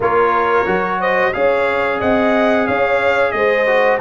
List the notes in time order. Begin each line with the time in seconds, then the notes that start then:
0.00 A#3 F4 A#4 C#5
0.66 F#3 F#4
1.00 C5 D#5
1.33 C#4 G#4 C#5 F5
1.99 C4 D#5 F#5
2.67 C#4 C#5 F5
3.31 G#3 C5 D#5
3.66 F#4